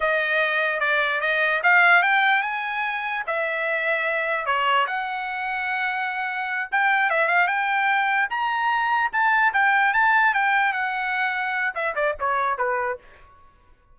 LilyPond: \new Staff \with { instrumentName = "trumpet" } { \time 4/4 \tempo 4 = 148 dis''2 d''4 dis''4 | f''4 g''4 gis''2 | e''2. cis''4 | fis''1~ |
fis''8 g''4 e''8 f''8 g''4.~ | g''8 ais''2 a''4 g''8~ | g''8 a''4 g''4 fis''4.~ | fis''4 e''8 d''8 cis''4 b'4 | }